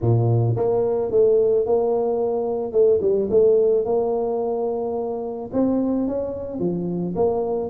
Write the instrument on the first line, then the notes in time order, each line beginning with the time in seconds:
tuba
0.01 A#2
0.56 A#3
1.11 A3
1.66 A#3
2.72 A3
3.01 G3
3.30 A3
3.85 A#3
5.52 C4
6.07 C#4
6.59 F3
7.15 A#3